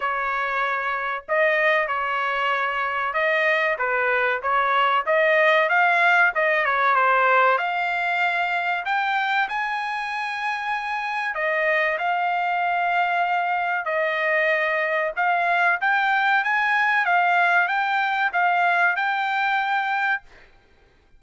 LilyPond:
\new Staff \with { instrumentName = "trumpet" } { \time 4/4 \tempo 4 = 95 cis''2 dis''4 cis''4~ | cis''4 dis''4 b'4 cis''4 | dis''4 f''4 dis''8 cis''8 c''4 | f''2 g''4 gis''4~ |
gis''2 dis''4 f''4~ | f''2 dis''2 | f''4 g''4 gis''4 f''4 | g''4 f''4 g''2 | }